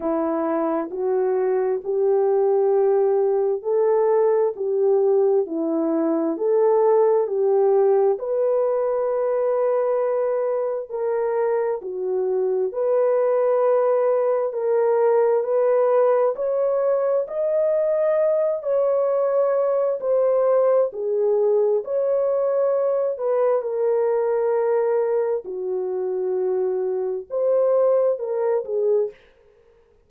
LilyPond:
\new Staff \with { instrumentName = "horn" } { \time 4/4 \tempo 4 = 66 e'4 fis'4 g'2 | a'4 g'4 e'4 a'4 | g'4 b'2. | ais'4 fis'4 b'2 |
ais'4 b'4 cis''4 dis''4~ | dis''8 cis''4. c''4 gis'4 | cis''4. b'8 ais'2 | fis'2 c''4 ais'8 gis'8 | }